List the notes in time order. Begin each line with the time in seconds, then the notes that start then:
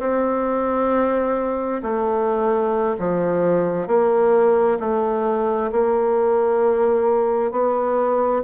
0.00 C4
1.83 A3
2.99 F3
3.88 A#3
4.80 A3
5.72 A#3
7.52 B3